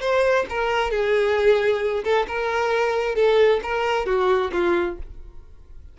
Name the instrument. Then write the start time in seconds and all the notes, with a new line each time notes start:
violin
0.00 C5
0.49 A#4
0.91 G#4
2.03 A4
2.27 A#4
3.15 A4
3.63 A#4
4.06 F#4
4.52 F4